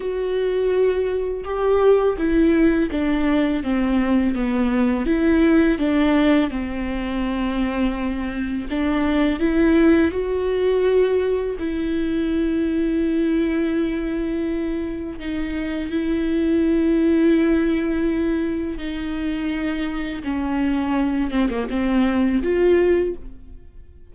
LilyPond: \new Staff \with { instrumentName = "viola" } { \time 4/4 \tempo 4 = 83 fis'2 g'4 e'4 | d'4 c'4 b4 e'4 | d'4 c'2. | d'4 e'4 fis'2 |
e'1~ | e'4 dis'4 e'2~ | e'2 dis'2 | cis'4. c'16 ais16 c'4 f'4 | }